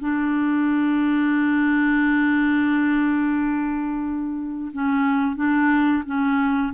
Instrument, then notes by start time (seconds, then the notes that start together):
clarinet
0.00 D4
4.73 C#4
5.36 D4
6.06 C#4